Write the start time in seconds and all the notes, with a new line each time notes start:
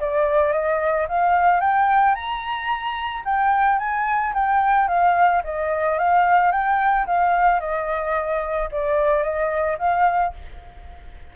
0.00 D5
0.53 D#5
1.09 F5
1.61 G5
2.15 A#5
3.26 G5
3.79 G#5
4.34 G5
4.88 F5
5.44 D#5
5.99 F5
6.52 G5
7.07 F5
7.61 D#5
8.72 D5
9.24 D#5
9.79 F5